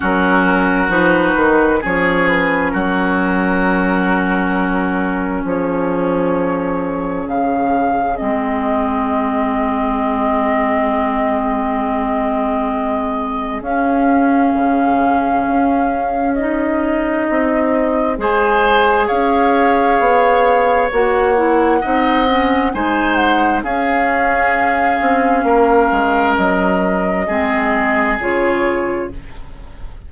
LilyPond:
<<
  \new Staff \with { instrumentName = "flute" } { \time 4/4 \tempo 4 = 66 ais'4 b'4 cis''8 b'8 ais'4~ | ais'2 cis''2 | f''4 dis''2.~ | dis''2. f''4~ |
f''2 dis''2 | gis''4 f''2 fis''4~ | fis''4 gis''8 fis''8 f''2~ | f''4 dis''2 cis''4 | }
  \new Staff \with { instrumentName = "oboe" } { \time 4/4 fis'2 gis'4 fis'4~ | fis'2 gis'2~ | gis'1~ | gis'1~ |
gis'1 | c''4 cis''2. | dis''4 c''4 gis'2 | ais'2 gis'2 | }
  \new Staff \with { instrumentName = "clarinet" } { \time 4/4 cis'4 dis'4 cis'2~ | cis'1~ | cis'4 c'2.~ | c'2. cis'4~ |
cis'2 dis'2 | gis'2. fis'8 e'8 | dis'8 cis'8 dis'4 cis'2~ | cis'2 c'4 f'4 | }
  \new Staff \with { instrumentName = "bassoon" } { \time 4/4 fis4 f8 dis8 f4 fis4~ | fis2 f2 | cis4 gis2.~ | gis2. cis'4 |
cis4 cis'2 c'4 | gis4 cis'4 b4 ais4 | c'4 gis4 cis'4. c'8 | ais8 gis8 fis4 gis4 cis4 | }
>>